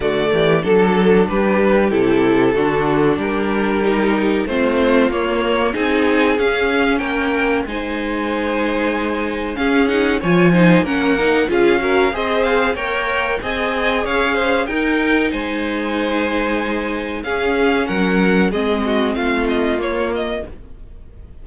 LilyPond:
<<
  \new Staff \with { instrumentName = "violin" } { \time 4/4 \tempo 4 = 94 d''4 a'4 b'4 a'4~ | a'4 ais'2 c''4 | cis''4 gis''4 f''4 g''4 | gis''2. f''8 fis''8 |
gis''4 fis''4 f''4 dis''8 f''8 | g''4 gis''4 f''4 g''4 | gis''2. f''4 | fis''4 dis''4 f''8 dis''8 cis''8 dis''8 | }
  \new Staff \with { instrumentName = "violin" } { \time 4/4 fis'8 g'8 a'4 g'2 | fis'4 g'2 f'4~ | f'4 gis'2 ais'4 | c''2. gis'4 |
cis''8 c''8 ais'4 gis'8 ais'8 c''4 | cis''4 dis''4 cis''8 c''8 ais'4 | c''2. gis'4 | ais'4 gis'8 fis'8 f'2 | }
  \new Staff \with { instrumentName = "viola" } { \time 4/4 a4 d'2 e'4 | d'2 dis'4 c'4 | ais4 dis'4 cis'2 | dis'2. cis'8 dis'8 |
f'8 dis'8 cis'8 dis'8 f'8 fis'8 gis'4 | ais'4 gis'2 dis'4~ | dis'2. cis'4~ | cis'4 c'2 ais4 | }
  \new Staff \with { instrumentName = "cello" } { \time 4/4 d8 e8 fis4 g4 c4 | d4 g2 a4 | ais4 c'4 cis'4 ais4 | gis2. cis'4 |
f4 ais4 cis'4 c'4 | ais4 c'4 cis'4 dis'4 | gis2. cis'4 | fis4 gis4 a4 ais4 | }
>>